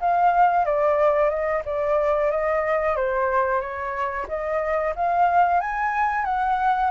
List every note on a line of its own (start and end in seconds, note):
0.00 0.65 F5
0.65 1.29 D5
1.29 1.62 D#5
1.65 2.31 D5
2.31 2.96 D#5
2.96 3.61 C5
3.61 4.26 C#5
4.28 4.94 D#5
4.95 5.60 F5
5.60 6.25 G#5
6.25 6.91 F#5